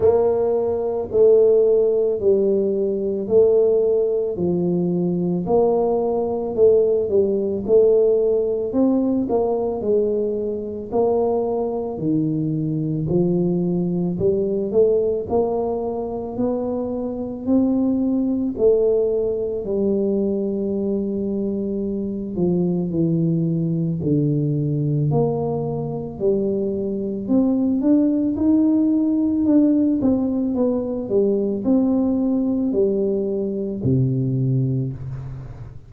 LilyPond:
\new Staff \with { instrumentName = "tuba" } { \time 4/4 \tempo 4 = 55 ais4 a4 g4 a4 | f4 ais4 a8 g8 a4 | c'8 ais8 gis4 ais4 dis4 | f4 g8 a8 ais4 b4 |
c'4 a4 g2~ | g8 f8 e4 d4 ais4 | g4 c'8 d'8 dis'4 d'8 c'8 | b8 g8 c'4 g4 c4 | }